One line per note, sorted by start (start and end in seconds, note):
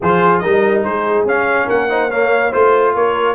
0.00 0.44 F3
0.00 0.43 F4
0.00 0.42 G#4
0.00 0.39 C5
0.39 0.85 G3
0.39 1.27 D#4
0.39 0.84 A#4
0.39 0.81 D#5
0.83 1.25 G#3
0.83 1.65 G#4
0.83 1.25 C5
1.25 1.67 C#4
1.25 1.89 C#4
1.25 1.69 F5
1.65 2.53 A#3
1.65 1.86 A#4
1.65 2.11 F#5
1.89 2.10 D#4
1.89 2.10 C5
2.10 2.52 A#3
2.10 2.50 C#5
2.10 2.52 F5
2.50 2.95 A3
2.50 3.35 F4
2.50 2.92 C5
2.50 2.94 C5
2.94 3.35 A#3
2.94 3.35 A#4
2.94 3.35 C#5